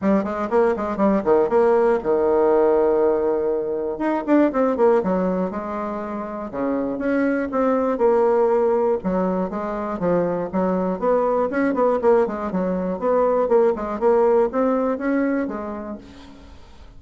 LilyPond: \new Staff \with { instrumentName = "bassoon" } { \time 4/4 \tempo 4 = 120 g8 gis8 ais8 gis8 g8 dis8 ais4 | dis1 | dis'8 d'8 c'8 ais8 fis4 gis4~ | gis4 cis4 cis'4 c'4 |
ais2 fis4 gis4 | f4 fis4 b4 cis'8 b8 | ais8 gis8 fis4 b4 ais8 gis8 | ais4 c'4 cis'4 gis4 | }